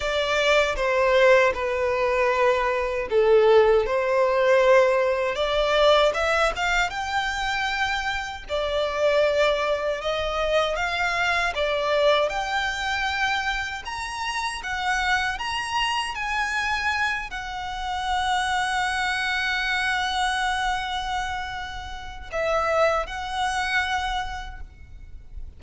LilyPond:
\new Staff \with { instrumentName = "violin" } { \time 4/4 \tempo 4 = 78 d''4 c''4 b'2 | a'4 c''2 d''4 | e''8 f''8 g''2 d''4~ | d''4 dis''4 f''4 d''4 |
g''2 ais''4 fis''4 | ais''4 gis''4. fis''4.~ | fis''1~ | fis''4 e''4 fis''2 | }